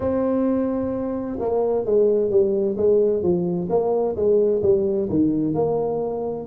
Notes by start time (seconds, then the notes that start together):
0.00 C4
1.39 A#3
1.85 G#3
2.30 G3
2.77 G#3
3.22 F3
3.69 A#3
4.15 G#3
4.62 G3
5.09 D#3
5.54 A#3